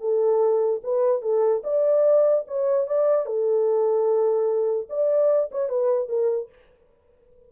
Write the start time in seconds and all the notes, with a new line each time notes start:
0.00 A4
0.83 B4
1.22 A4
1.64 D5
2.47 C#5
2.87 D5
3.26 A4
4.89 D5
5.51 C#5
5.69 B4
6.08 A#4